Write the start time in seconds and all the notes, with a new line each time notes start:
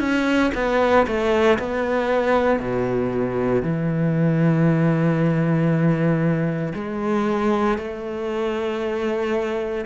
0.00 C#4
0.55 B3
1.07 A3
1.59 B3
2.60 B2
3.63 E3
6.75 G#3
7.78 A3